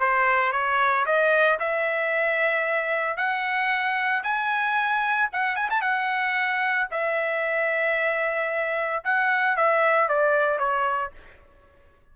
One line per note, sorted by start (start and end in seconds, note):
0.00 0.52 C5
0.52 1.05 C#5
1.06 1.59 D#5
1.60 3.17 E5
3.17 4.23 F#5
4.23 5.30 G#5
5.33 5.56 F#5
5.56 5.69 G#5
5.70 5.81 A5
5.81 6.88 F#5
6.91 9.04 E5
9.04 9.56 F#5
9.56 10.09 E5
10.09 10.59 D5
10.59 11.12 C#5